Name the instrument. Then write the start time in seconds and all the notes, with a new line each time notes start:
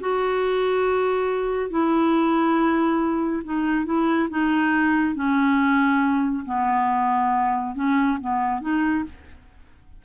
clarinet
0.00 F#4
1.70 E4
3.44 D#4
3.85 E4
4.29 D#4
5.15 C#4
6.45 B3
7.75 C#4
8.20 B3
8.61 D#4